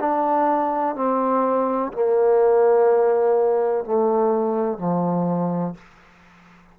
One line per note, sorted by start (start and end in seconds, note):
0.00 0.96 D4
0.96 1.93 C4
1.93 3.85 A#3
3.85 4.78 A3
4.78 5.75 F3